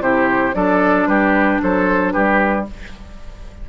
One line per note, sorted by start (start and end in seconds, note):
0.00 0.53 C3
0.00 0.54 E4
0.00 0.55 G4
0.00 0.54 C5
0.54 1.07 F#3
0.54 2.66 D4
0.54 1.08 A4
0.54 1.07 D5
1.07 1.60 G3
1.07 1.61 G4
1.07 1.60 B4
1.62 2.16 F#3
1.62 2.13 A4
1.62 2.12 C5
2.12 2.69 G3
2.12 2.66 G4
2.12 2.65 B4